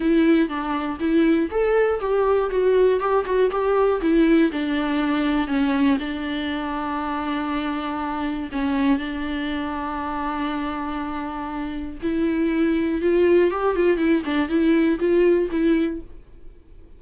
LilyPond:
\new Staff \with { instrumentName = "viola" } { \time 4/4 \tempo 4 = 120 e'4 d'4 e'4 a'4 | g'4 fis'4 g'8 fis'8 g'4 | e'4 d'2 cis'4 | d'1~ |
d'4 cis'4 d'2~ | d'1 | e'2 f'4 g'8 f'8 | e'8 d'8 e'4 f'4 e'4 | }